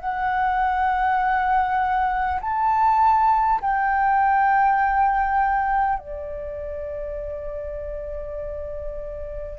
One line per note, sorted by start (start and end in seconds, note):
0.00 2.40 F#5
2.41 3.61 A5
3.61 5.99 G5
5.99 9.59 D5